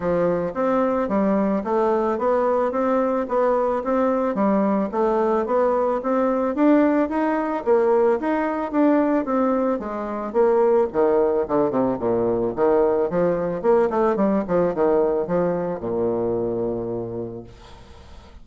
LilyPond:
\new Staff \with { instrumentName = "bassoon" } { \time 4/4 \tempo 4 = 110 f4 c'4 g4 a4 | b4 c'4 b4 c'4 | g4 a4 b4 c'4 | d'4 dis'4 ais4 dis'4 |
d'4 c'4 gis4 ais4 | dis4 d8 c8 ais,4 dis4 | f4 ais8 a8 g8 f8 dis4 | f4 ais,2. | }